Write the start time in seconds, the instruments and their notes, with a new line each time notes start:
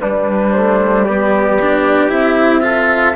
0.00 cello G3, bassoon G3, trumpet D4, flute B4
0.53 bassoon A3, flute C5
1.05 bassoon B3, trumpet G4, flute D5
1.61 cello D4
2.09 bassoon C4, cello E4, flute E5
2.62 cello F4, trumpet A4